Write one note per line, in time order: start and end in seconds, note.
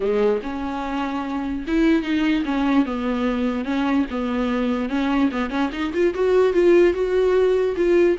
0.00 0.40 G#3
0.42 1.65 C#4
1.67 2.02 E4
2.02 2.43 D#4
2.45 2.85 C#4
2.85 3.64 B3
3.64 4.05 C#4
4.10 4.89 B3
4.89 5.29 C#4
5.31 5.49 B3
5.49 5.70 C#4
5.72 5.92 D#4
5.93 6.14 F4
6.14 6.53 F#4
6.53 6.93 F4
6.93 7.75 F#4
7.76 8.17 F4